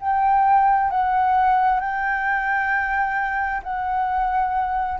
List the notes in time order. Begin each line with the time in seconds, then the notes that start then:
0.00 G5
0.90 F#5
1.80 G5
3.63 F#5